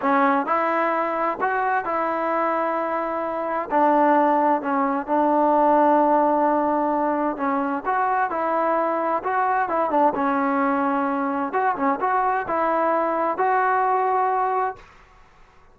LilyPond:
\new Staff \with { instrumentName = "trombone" } { \time 4/4 \tempo 4 = 130 cis'4 e'2 fis'4 | e'1 | d'2 cis'4 d'4~ | d'1 |
cis'4 fis'4 e'2 | fis'4 e'8 d'8 cis'2~ | cis'4 fis'8 cis'8 fis'4 e'4~ | e'4 fis'2. | }